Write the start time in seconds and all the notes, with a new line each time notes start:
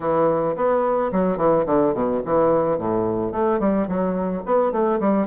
0.00 E3
0.56 B3
1.11 F#3
1.37 E3
1.66 D3
1.93 B2
2.25 E3
2.78 A2
3.32 A3
3.59 G3
3.87 F#3
4.45 B3
4.71 A3
4.99 G3